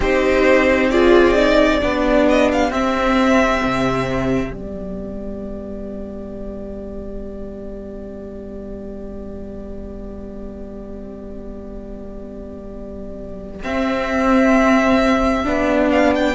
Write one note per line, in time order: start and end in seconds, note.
0.00 1.81 C4
0.00 0.92 D#4
0.00 0.90 G4
0.00 0.90 C5
0.90 1.34 F4
0.90 1.81 G#4
0.90 2.26 D5
1.34 1.80 D#4
1.80 2.70 B3
1.80 2.71 D4
1.80 16.35 G4
2.28 2.51 D#5
2.51 2.72 F5
2.70 3.61 C4
2.70 4.53 C4
2.70 4.53 E5
3.63 4.52 C3
4.52 13.61 G3
4.52 13.62 B3
4.52 13.62 D5
13.63 15.45 C4
13.63 15.44 C4
13.63 15.90 E5
15.44 16.35 B3
15.44 16.34 D4
15.90 16.13 F5
16.15 16.35 G5